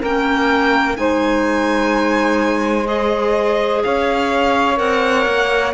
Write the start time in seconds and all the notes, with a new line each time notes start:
0.00 A#3 C#4 A#4 G5
0.96 G#3 D#4 C5 G#5
2.84 G#4 D#5
3.84 C#4 C#5 F5
4.77 C4 A#4 F#5
5.26 A#3